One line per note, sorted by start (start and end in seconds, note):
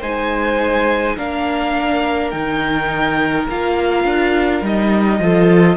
0.00 1.17 G#3
0.00 1.17 D#4
0.00 1.15 C5
0.00 1.18 G#5
1.16 2.33 A#3
1.16 2.32 D4
1.16 5.20 A#4
1.16 2.30 F5
2.30 3.48 D#3
2.30 3.47 D#4
2.30 3.46 G5
3.49 4.04 A#3
3.49 4.62 F4
3.49 4.65 F5
4.04 4.61 D4
4.61 5.19 G3
4.61 5.20 D#4
4.61 5.76 D#5
5.19 5.76 F3
5.19 5.76 F4
5.19 5.76 A4